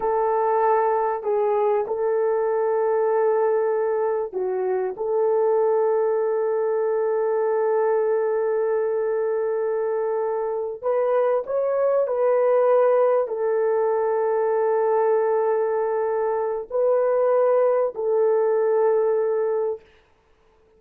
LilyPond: \new Staff \with { instrumentName = "horn" } { \time 4/4 \tempo 4 = 97 a'2 gis'4 a'4~ | a'2. fis'4 | a'1~ | a'1~ |
a'4. b'4 cis''4 b'8~ | b'4. a'2~ a'8~ | a'2. b'4~ | b'4 a'2. | }